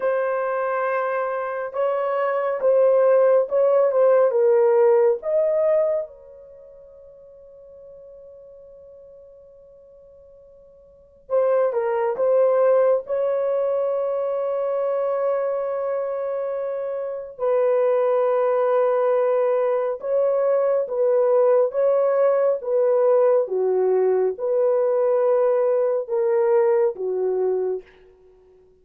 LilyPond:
\new Staff \with { instrumentName = "horn" } { \time 4/4 \tempo 4 = 69 c''2 cis''4 c''4 | cis''8 c''8 ais'4 dis''4 cis''4~ | cis''1~ | cis''4 c''8 ais'8 c''4 cis''4~ |
cis''1 | b'2. cis''4 | b'4 cis''4 b'4 fis'4 | b'2 ais'4 fis'4 | }